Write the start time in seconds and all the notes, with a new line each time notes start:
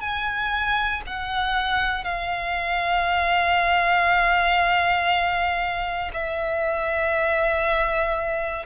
0.00 G#5
1.06 F#5
2.04 F5
6.13 E5